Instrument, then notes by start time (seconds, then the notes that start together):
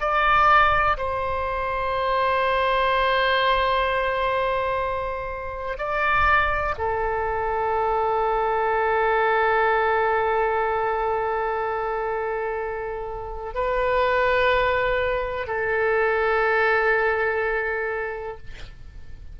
oboe
0.00 D5
0.98 C5
5.78 D5
6.78 A4
13.54 B4
15.47 A4